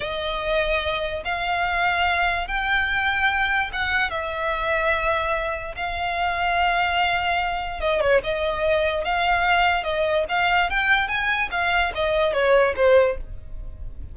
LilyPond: \new Staff \with { instrumentName = "violin" } { \time 4/4 \tempo 4 = 146 dis''2. f''4~ | f''2 g''2~ | g''4 fis''4 e''2~ | e''2 f''2~ |
f''2. dis''8 cis''8 | dis''2 f''2 | dis''4 f''4 g''4 gis''4 | f''4 dis''4 cis''4 c''4 | }